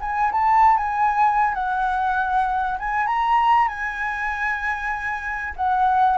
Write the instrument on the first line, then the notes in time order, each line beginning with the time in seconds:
flute
0.00 G#5
0.31 A5
0.77 G#5
1.54 F#5
2.79 G#5
3.06 A#5
3.68 G#5
5.56 F#5